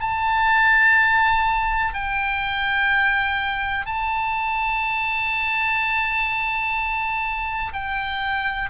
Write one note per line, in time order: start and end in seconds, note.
0.00 1.94 A5
1.94 3.86 G5
3.86 7.73 A5
7.73 8.70 G5